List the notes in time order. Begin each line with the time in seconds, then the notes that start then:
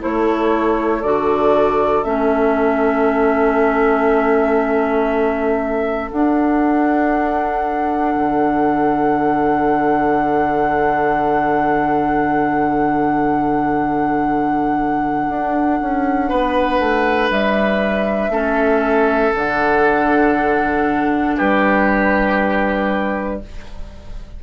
0.00 A3 E4 A4 C#5
1.02 D3 F#4 D5
2.04 A3 C#4 E5
6.12 D4 F#5
8.16 D3
15.29 D4
15.82 C#4
16.29 B3 B4
16.80 A3
17.31 G3 E5
18.30 A3 C#4 A4
19.35 D3 D4 F#5
21.37 G3 G4 B4